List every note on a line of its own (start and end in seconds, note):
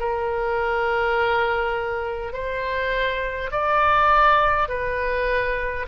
0.00 2.33 A#4
2.33 3.51 C5
3.51 4.68 D5
4.68 5.86 B4